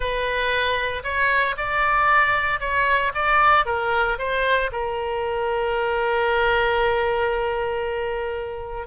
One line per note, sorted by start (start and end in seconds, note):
0.00 1.02 B4
1.03 1.55 C#5
1.57 2.59 D5
2.59 3.12 C#5
3.14 3.65 D5
3.65 4.17 A#4
4.18 4.70 C5
4.71 8.87 A#4